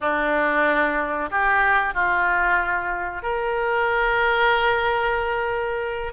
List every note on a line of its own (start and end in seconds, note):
0.00 1.29 D4
1.30 1.94 G4
1.94 3.22 F4
3.22 6.12 A#4